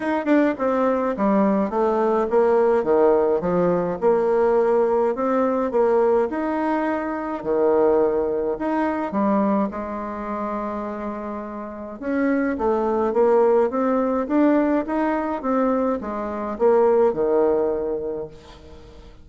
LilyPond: \new Staff \with { instrumentName = "bassoon" } { \time 4/4 \tempo 4 = 105 dis'8 d'8 c'4 g4 a4 | ais4 dis4 f4 ais4~ | ais4 c'4 ais4 dis'4~ | dis'4 dis2 dis'4 |
g4 gis2.~ | gis4 cis'4 a4 ais4 | c'4 d'4 dis'4 c'4 | gis4 ais4 dis2 | }